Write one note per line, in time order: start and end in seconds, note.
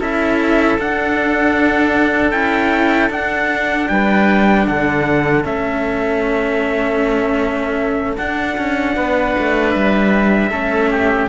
0.00 0.79 C#4
0.00 0.79 E4
0.00 3.90 A4
0.00 0.80 E5
0.79 2.32 D4
0.79 2.33 D4
0.79 2.32 F#5
2.32 3.10 C#4
2.32 3.10 E4
2.32 3.10 G5
3.10 3.88 D4
3.10 5.44 D4
3.10 3.89 F#5
3.89 4.68 G3
3.89 4.68 B4
3.89 4.67 G5
4.67 5.45 D3
4.67 8.96 A4
4.67 5.45 F#5
5.44 8.18 A3
5.44 8.17 C#4
5.44 8.18 E5
8.17 10.51 D4
8.17 8.58 D4
8.17 9.71 F#5
8.58 8.97 C#4
8.96 9.36 B3
8.96 10.51 B4
9.39 9.76 A3
9.71 10.52 G3
9.71 11.27 E5
10.51 11.30 A3
10.51 11.30 C#4
10.51 10.90 A4
10.91 11.30 G4